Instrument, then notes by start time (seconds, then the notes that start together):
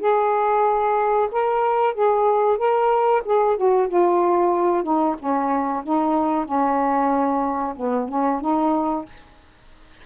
saxophone
0.00 G#4
1.32 A#4
1.94 G#4
2.58 A#4
3.25 G#4
3.57 F#4
3.88 F4
4.83 D#4
5.19 C#4
5.84 D#4
6.45 C#4
7.76 B3
8.09 C#4
8.41 D#4